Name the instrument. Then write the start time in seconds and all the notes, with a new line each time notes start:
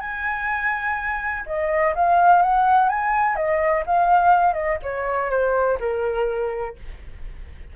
flute
0.00 G#5
1.46 D#5
1.95 F5
2.42 F#5
2.88 G#5
3.36 D#5
3.86 F5
4.53 D#5
4.82 C#5
5.30 C5
5.79 A#4